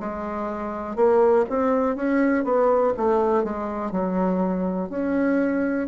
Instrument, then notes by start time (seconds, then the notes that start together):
bassoon
0.00 G#3
0.96 A#3
1.50 C4
1.96 C#4
2.44 B3
2.97 A3
3.44 G#3
3.92 F#3
4.90 C#4